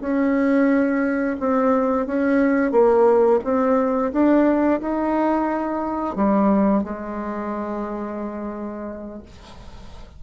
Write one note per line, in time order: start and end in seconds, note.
0.00 1.36 C#4
1.39 2.06 C4
2.06 2.71 C#4
2.71 3.39 A#3
3.44 4.12 C4
4.12 4.80 D4
4.81 6.15 D#4
6.15 6.83 G3
6.83 9.22 G#3